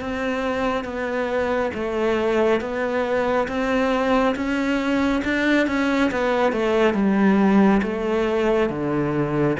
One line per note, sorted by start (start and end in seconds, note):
0.00 0.84 C4
0.84 1.71 B3
1.74 2.60 A3
2.60 3.47 B3
3.48 4.35 C4
4.36 5.23 C#4
5.25 5.67 D4
5.67 6.10 C#4
6.11 6.52 B3
6.52 6.94 A3
6.94 7.81 G3
7.82 8.69 A3
8.70 9.57 D3